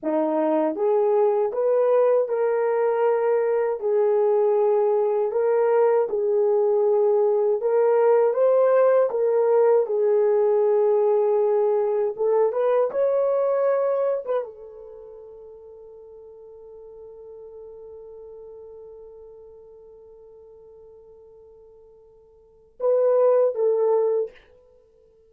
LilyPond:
\new Staff \with { instrumentName = "horn" } { \time 4/4 \tempo 4 = 79 dis'4 gis'4 b'4 ais'4~ | ais'4 gis'2 ais'4 | gis'2 ais'4 c''4 | ais'4 gis'2. |
a'8 b'8 cis''4.~ cis''16 b'16 a'4~ | a'1~ | a'1~ | a'2 b'4 a'4 | }